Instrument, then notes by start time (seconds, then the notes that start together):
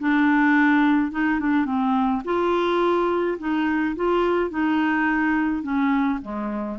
clarinet
0.00 D4
1.12 D#4
1.40 D4
1.66 C4
2.25 F4
3.39 D#4
3.96 F4
4.50 D#4
5.63 C#4
6.22 G#3